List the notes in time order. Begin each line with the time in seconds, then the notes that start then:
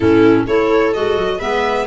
0.00 A2 C#4 E4 A4
0.46 A3 E4 A4 C#5
0.93 G#3 F#4 D#5
1.16 F#3
1.39 G#3 B3 B4 E5